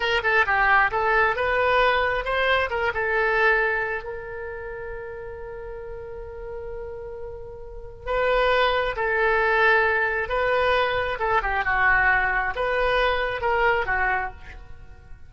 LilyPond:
\new Staff \with { instrumentName = "oboe" } { \time 4/4 \tempo 4 = 134 ais'8 a'8 g'4 a'4 b'4~ | b'4 c''4 ais'8 a'4.~ | a'4 ais'2.~ | ais'1~ |
ais'2 b'2 | a'2. b'4~ | b'4 a'8 g'8 fis'2 | b'2 ais'4 fis'4 | }